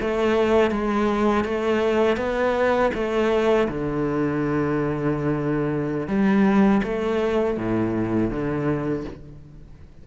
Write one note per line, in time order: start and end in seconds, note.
0.00 0.71 A3
0.71 1.44 G#3
1.44 2.16 A3
2.16 2.91 B3
2.94 3.68 A3
3.68 6.07 D3
6.07 6.81 G3
6.83 7.57 A3
7.57 8.30 A2
8.30 9.04 D3